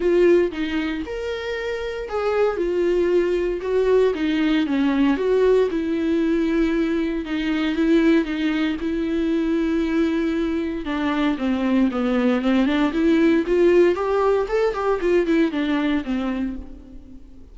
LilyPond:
\new Staff \with { instrumentName = "viola" } { \time 4/4 \tempo 4 = 116 f'4 dis'4 ais'2 | gis'4 f'2 fis'4 | dis'4 cis'4 fis'4 e'4~ | e'2 dis'4 e'4 |
dis'4 e'2.~ | e'4 d'4 c'4 b4 | c'8 d'8 e'4 f'4 g'4 | a'8 g'8 f'8 e'8 d'4 c'4 | }